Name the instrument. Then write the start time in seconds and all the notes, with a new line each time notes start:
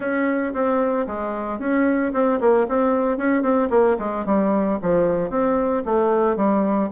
bassoon
0.00 C#4
0.53 C4
1.06 G#3
1.59 C#4
2.13 C4
2.40 A#3
2.68 C4
3.17 C#4
3.42 C4
3.70 A#3
3.98 G#3
4.25 G3
4.81 F3
5.30 C4
5.85 A3
6.36 G3